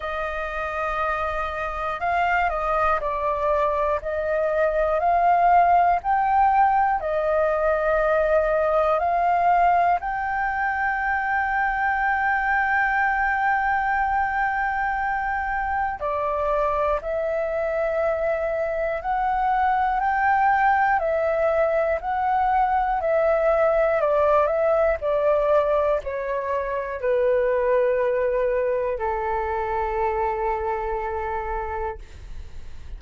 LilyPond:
\new Staff \with { instrumentName = "flute" } { \time 4/4 \tempo 4 = 60 dis''2 f''8 dis''8 d''4 | dis''4 f''4 g''4 dis''4~ | dis''4 f''4 g''2~ | g''1 |
d''4 e''2 fis''4 | g''4 e''4 fis''4 e''4 | d''8 e''8 d''4 cis''4 b'4~ | b'4 a'2. | }